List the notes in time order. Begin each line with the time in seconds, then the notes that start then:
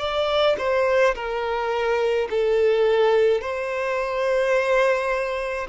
0.00 D5
0.59 C5
1.16 A#4
2.31 A4
3.42 C5